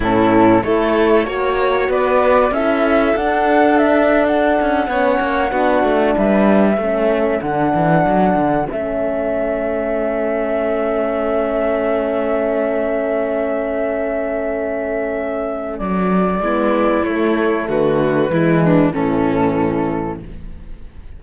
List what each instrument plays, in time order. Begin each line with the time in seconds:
0.00 cello A2, horn C#4, violin E4, flute A4
0.62 cello A3, horn E4, violin A4, flute C#5
1.25 cello A#3, horn F#4, violin C#5
1.89 cello B3, violin B4, flute D5
2.51 cello C#4, horn E4, violin A4, flute E5
3.15 cello D4, horn D4, flute F#5
3.78 flute E5
4.26 flute F#5
4.61 cello C#4
4.87 cello B3, horn C#4, violin C#5
5.19 cello A#3
5.48 cello B3, horn D4, violin F#4
5.83 cello A3
6.16 cello G3, violin B4, flute E5
6.77 cello A3, horn C#4, violin A4
7.40 cello D3, horn D4, flute F#5
7.74 cello E3
8.06 cello F#3
8.35 cello D3
8.70 cello A3, horn C#4, flute E5
15.78 cello F#3, flute D5
16.40 cello G#3, horn B3, violin E4
17.04 cello A3, horn A3, flute C#5
17.68 cello D3, violin F#4, flute B4
18.30 cello E3, horn G#3, violin E4
18.64 violin D4
18.92 cello A2, horn E3, violin C#4, flute A4